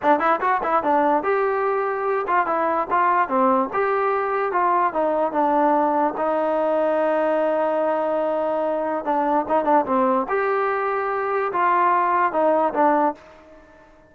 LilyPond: \new Staff \with { instrumentName = "trombone" } { \time 4/4 \tempo 4 = 146 d'8 e'8 fis'8 e'8 d'4 g'4~ | g'4. f'8 e'4 f'4 | c'4 g'2 f'4 | dis'4 d'2 dis'4~ |
dis'1~ | dis'2 d'4 dis'8 d'8 | c'4 g'2. | f'2 dis'4 d'4 | }